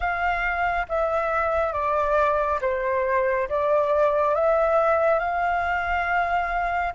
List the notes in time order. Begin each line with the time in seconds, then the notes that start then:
0.00 F5
0.88 E5
1.72 D5
2.61 C5
3.48 D5
4.34 E5
5.19 F5